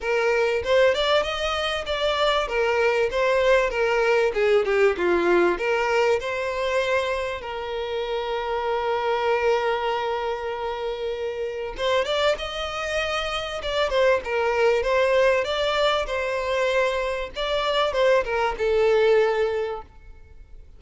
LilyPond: \new Staff \with { instrumentName = "violin" } { \time 4/4 \tempo 4 = 97 ais'4 c''8 d''8 dis''4 d''4 | ais'4 c''4 ais'4 gis'8 g'8 | f'4 ais'4 c''2 | ais'1~ |
ais'2. c''8 d''8 | dis''2 d''8 c''8 ais'4 | c''4 d''4 c''2 | d''4 c''8 ais'8 a'2 | }